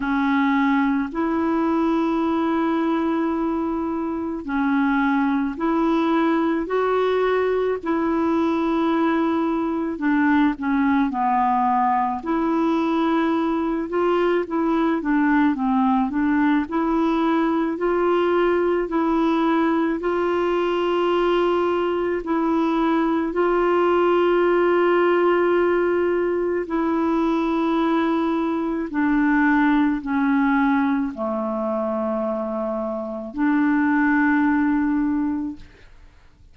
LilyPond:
\new Staff \with { instrumentName = "clarinet" } { \time 4/4 \tempo 4 = 54 cis'4 e'2. | cis'4 e'4 fis'4 e'4~ | e'4 d'8 cis'8 b4 e'4~ | e'8 f'8 e'8 d'8 c'8 d'8 e'4 |
f'4 e'4 f'2 | e'4 f'2. | e'2 d'4 cis'4 | a2 d'2 | }